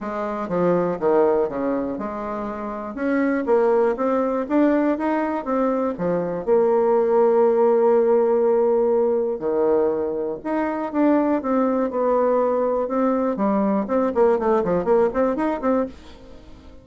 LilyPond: \new Staff \with { instrumentName = "bassoon" } { \time 4/4 \tempo 4 = 121 gis4 f4 dis4 cis4 | gis2 cis'4 ais4 | c'4 d'4 dis'4 c'4 | f4 ais2.~ |
ais2. dis4~ | dis4 dis'4 d'4 c'4 | b2 c'4 g4 | c'8 ais8 a8 f8 ais8 c'8 dis'8 c'8 | }